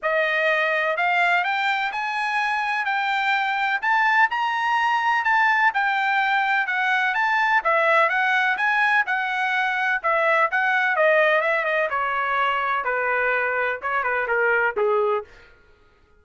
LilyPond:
\new Staff \with { instrumentName = "trumpet" } { \time 4/4 \tempo 4 = 126 dis''2 f''4 g''4 | gis''2 g''2 | a''4 ais''2 a''4 | g''2 fis''4 a''4 |
e''4 fis''4 gis''4 fis''4~ | fis''4 e''4 fis''4 dis''4 | e''8 dis''8 cis''2 b'4~ | b'4 cis''8 b'8 ais'4 gis'4 | }